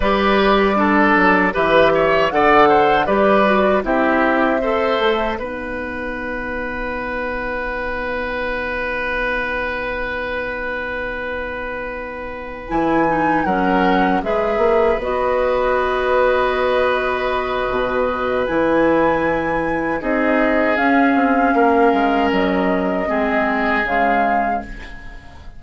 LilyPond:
<<
  \new Staff \with { instrumentName = "flute" } { \time 4/4 \tempo 4 = 78 d''2 e''4 fis''4 | d''4 e''2 fis''4~ | fis''1~ | fis''1~ |
fis''8 gis''4 fis''4 e''4 dis''8~ | dis''1 | gis''2 dis''4 f''4~ | f''4 dis''2 f''4 | }
  \new Staff \with { instrumentName = "oboe" } { \time 4/4 b'4 a'4 b'8 cis''8 d''8 c''8 | b'4 g'4 c''4 b'4~ | b'1~ | b'1~ |
b'4. ais'4 b'4.~ | b'1~ | b'2 gis'2 | ais'2 gis'2 | }
  \new Staff \with { instrumentName = "clarinet" } { \time 4/4 g'4 d'4 g'4 a'4 | g'8 fis'8 e'4 a'4 dis'4~ | dis'1~ | dis'1~ |
dis'8 e'8 dis'8 cis'4 gis'4 fis'8~ | fis'1 | e'2 dis'4 cis'4~ | cis'2 c'4 gis4 | }
  \new Staff \with { instrumentName = "bassoon" } { \time 4/4 g4. fis8 e4 d4 | g4 c'4. a8 b4~ | b1~ | b1~ |
b8 e4 fis4 gis8 ais8 b8~ | b2. b,4 | e2 c'4 cis'8 c'8 | ais8 gis8 fis4 gis4 cis4 | }
>>